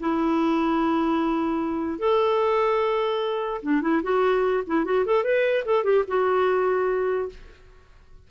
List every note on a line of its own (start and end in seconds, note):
0.00 1.99 E4
1.99 3.61 A4
3.63 3.82 D4
3.82 4.02 E4
4.03 4.63 F#4
4.67 4.85 E4
4.85 5.05 F#4
5.06 5.24 A4
5.24 5.64 B4
5.65 5.84 A4
5.84 6.04 G4
6.08 7.29 F#4